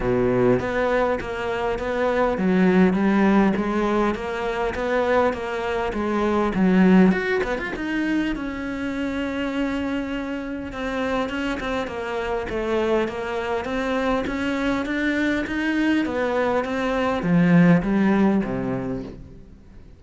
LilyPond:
\new Staff \with { instrumentName = "cello" } { \time 4/4 \tempo 4 = 101 b,4 b4 ais4 b4 | fis4 g4 gis4 ais4 | b4 ais4 gis4 fis4 | fis'8 b16 f'16 dis'4 cis'2~ |
cis'2 c'4 cis'8 c'8 | ais4 a4 ais4 c'4 | cis'4 d'4 dis'4 b4 | c'4 f4 g4 c4 | }